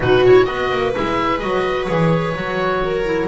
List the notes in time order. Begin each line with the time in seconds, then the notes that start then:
0.00 B2 D#4 F#4 B4
0.25 E4 C#5
0.45 B3 F#4 B4 D#5
0.71 A#3
0.93 G#3 E4 E5
1.39 F#3 F#4 D#5
1.86 E3 G#4 C#5
2.34 F#3 F#4
2.85 A#4
3.05 E4